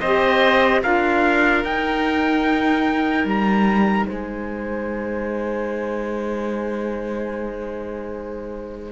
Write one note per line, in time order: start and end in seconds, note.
0.00 0.82 C4
0.00 0.83 G4
0.00 0.81 C5
0.00 0.81 D#5
0.83 1.64 D4
0.83 1.64 F4
0.83 4.07 A#4
0.83 1.64 F5
1.64 8.92 D#4
1.64 3.24 D#4
1.64 3.27 G5
3.24 4.05 G3
3.24 4.07 A#5
4.07 8.92 G#3
4.07 8.92 C5
4.07 8.92 G#5